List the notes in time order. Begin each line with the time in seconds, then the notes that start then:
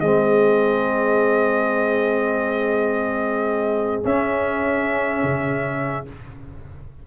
0.00 G#3 C4 G#4 D#5
4.04 C#4 E5
5.23 C#3